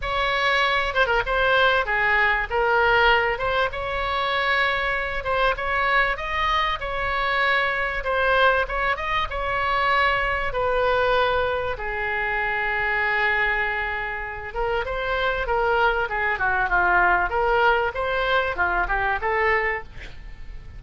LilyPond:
\new Staff \with { instrumentName = "oboe" } { \time 4/4 \tempo 4 = 97 cis''4. c''16 ais'16 c''4 gis'4 | ais'4. c''8 cis''2~ | cis''8 c''8 cis''4 dis''4 cis''4~ | cis''4 c''4 cis''8 dis''8 cis''4~ |
cis''4 b'2 gis'4~ | gis'2.~ gis'8 ais'8 | c''4 ais'4 gis'8 fis'8 f'4 | ais'4 c''4 f'8 g'8 a'4 | }